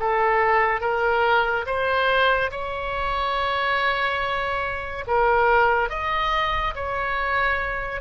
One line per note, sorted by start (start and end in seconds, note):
0.00 0.81 A4
0.81 1.66 A#4
1.67 2.51 C5
2.52 5.05 C#5
5.07 5.90 A#4
5.90 6.75 D#5
6.75 8.02 C#5